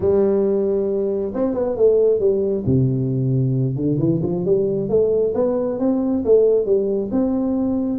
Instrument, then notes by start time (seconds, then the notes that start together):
tuba
0.00 G3
1.34 C4
1.54 B3
1.76 A3
2.19 G3
2.66 C3
3.76 D3
3.99 E3
4.22 F3
4.45 G3
4.89 A3
5.34 B3
5.79 C4
6.24 A3
6.65 G3
7.11 C4